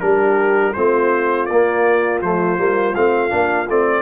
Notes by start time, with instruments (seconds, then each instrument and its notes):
0.00 tuba G3, trombone D4, horn G4, trumpet A#4
0.73 tuba A3, trombone C4, horn F4, trumpet C5
1.46 tuba A#3, trombone A#3, trumpet D5
2.21 tuba F3, trombone A3, trumpet C5
2.57 tuba G3, trombone A#3
2.95 tuba A3, trombone C4, trumpet F5
3.29 tuba A#3, trombone D4
3.68 tuba A3, trombone C4, trumpet D5